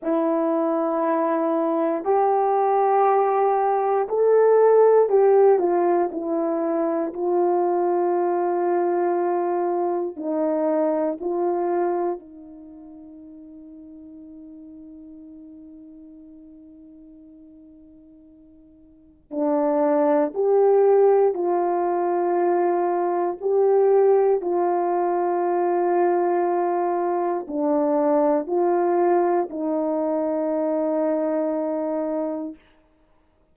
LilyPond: \new Staff \with { instrumentName = "horn" } { \time 4/4 \tempo 4 = 59 e'2 g'2 | a'4 g'8 f'8 e'4 f'4~ | f'2 dis'4 f'4 | dis'1~ |
dis'2. d'4 | g'4 f'2 g'4 | f'2. d'4 | f'4 dis'2. | }